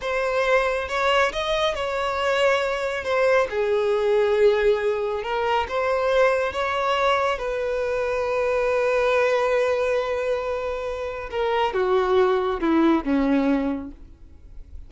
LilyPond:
\new Staff \with { instrumentName = "violin" } { \time 4/4 \tempo 4 = 138 c''2 cis''4 dis''4 | cis''2. c''4 | gis'1 | ais'4 c''2 cis''4~ |
cis''4 b'2.~ | b'1~ | b'2 ais'4 fis'4~ | fis'4 e'4 cis'2 | }